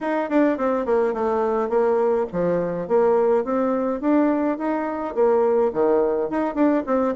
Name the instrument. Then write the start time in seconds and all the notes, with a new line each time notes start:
bassoon
0.01 D#4
0.29 D4
0.57 C4
0.85 A#3
1.13 A3
1.69 A#3
2.32 F3
2.88 A#3
3.44 C4
4.00 D4
4.58 D#4
5.14 A#3
5.73 D#3
6.30 D#4
6.54 D4
6.86 C4